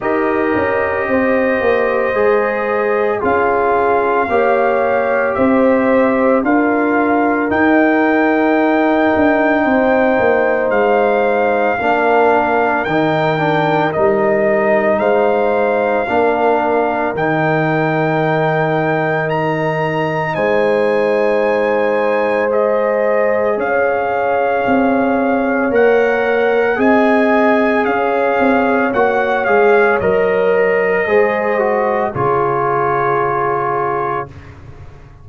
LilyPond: <<
  \new Staff \with { instrumentName = "trumpet" } { \time 4/4 \tempo 4 = 56 dis''2. f''4~ | f''4 e''4 f''4 g''4~ | g''2 f''2 | g''4 dis''4 f''2 |
g''2 ais''4 gis''4~ | gis''4 dis''4 f''2 | fis''4 gis''4 f''4 fis''8 f''8 | dis''2 cis''2 | }
  \new Staff \with { instrumentName = "horn" } { \time 4/4 ais'4 c''2 gis'4 | cis''4 c''4 ais'2~ | ais'4 c''2 ais'4~ | ais'2 c''4 ais'4~ |
ais'2. c''4~ | c''2 cis''2~ | cis''4 dis''4 cis''2~ | cis''4 c''4 gis'2 | }
  \new Staff \with { instrumentName = "trombone" } { \time 4/4 g'2 gis'4 f'4 | g'2 f'4 dis'4~ | dis'2. d'4 | dis'8 d'8 dis'2 d'4 |
dis'1~ | dis'4 gis'2. | ais'4 gis'2 fis'8 gis'8 | ais'4 gis'8 fis'8 f'2 | }
  \new Staff \with { instrumentName = "tuba" } { \time 4/4 dis'8 cis'8 c'8 ais8 gis4 cis'4 | ais4 c'4 d'4 dis'4~ | dis'8 d'8 c'8 ais8 gis4 ais4 | dis4 g4 gis4 ais4 |
dis2. gis4~ | gis2 cis'4 c'4 | ais4 c'4 cis'8 c'8 ais8 gis8 | fis4 gis4 cis2 | }
>>